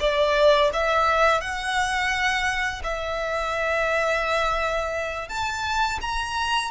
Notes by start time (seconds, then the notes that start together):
0.00 D5
0.73 E5
1.41 F#5
2.83 E5
5.28 A5
6.01 A#5